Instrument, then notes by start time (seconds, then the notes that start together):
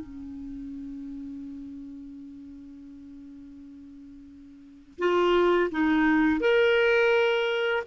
clarinet
0.00 C#4
4.99 F4
5.71 D#4
6.40 A#4